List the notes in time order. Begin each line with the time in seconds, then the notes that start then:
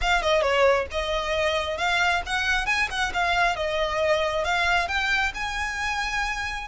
0.01 F5
0.21 D#5
0.41 C#5
0.91 D#5
1.77 F5
2.26 F#5
2.66 G#5
2.90 F#5
3.13 F5
3.56 D#5
4.44 F5
4.87 G5
5.34 G#5